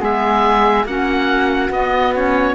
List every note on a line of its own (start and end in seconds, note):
0.00 0.85 G#3
0.00 0.85 B3
0.00 0.86 G#4
0.00 0.87 E5
0.85 1.70 A#3
0.85 1.73 C#4
0.85 2.55 F#4
0.85 1.71 F#5
1.70 2.55 B3
1.70 2.15 B3
1.70 2.15 D#5
2.15 2.55 C#4
2.15 2.55 C#5